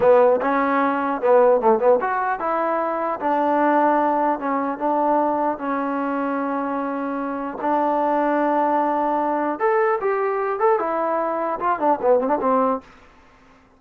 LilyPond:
\new Staff \with { instrumentName = "trombone" } { \time 4/4 \tempo 4 = 150 b4 cis'2 b4 | a8 b8 fis'4 e'2 | d'2. cis'4 | d'2 cis'2~ |
cis'2. d'4~ | d'1 | a'4 g'4. a'8 e'4~ | e'4 f'8 d'8 b8 c'16 d'16 c'4 | }